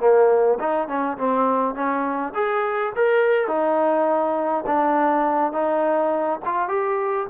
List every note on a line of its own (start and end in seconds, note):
0.00 0.58 A#3
0.59 0.88 D#4
0.88 1.17 C#4
1.17 1.75 C4
1.75 2.33 C#4
2.34 2.93 G#4
2.95 3.48 A#4
3.48 4.64 D#4
4.66 5.52 D4
5.52 6.39 D#4
6.45 6.68 F4
6.68 7.27 G4